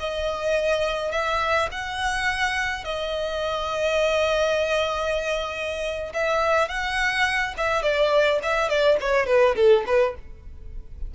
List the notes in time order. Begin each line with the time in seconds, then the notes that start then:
0.00 D#5
1.12 E5
1.72 F#5
2.85 D#5
6.14 E5
6.69 F#5
7.57 E5
7.83 D5
8.43 E5
8.69 D5
9.01 C#5
9.27 B4
9.56 A4
9.87 B4